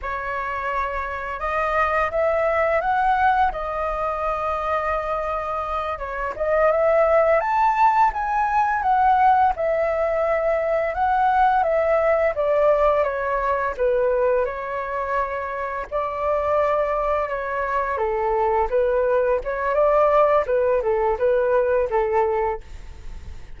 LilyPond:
\new Staff \with { instrumentName = "flute" } { \time 4/4 \tempo 4 = 85 cis''2 dis''4 e''4 | fis''4 dis''2.~ | dis''8 cis''8 dis''8 e''4 a''4 gis''8~ | gis''8 fis''4 e''2 fis''8~ |
fis''8 e''4 d''4 cis''4 b'8~ | b'8 cis''2 d''4.~ | d''8 cis''4 a'4 b'4 cis''8 | d''4 b'8 a'8 b'4 a'4 | }